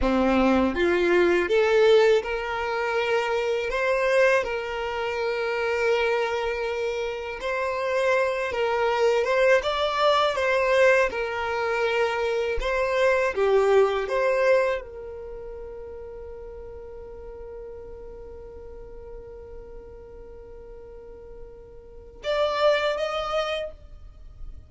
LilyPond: \new Staff \with { instrumentName = "violin" } { \time 4/4 \tempo 4 = 81 c'4 f'4 a'4 ais'4~ | ais'4 c''4 ais'2~ | ais'2 c''4. ais'8~ | ais'8 c''8 d''4 c''4 ais'4~ |
ais'4 c''4 g'4 c''4 | ais'1~ | ais'1~ | ais'2 d''4 dis''4 | }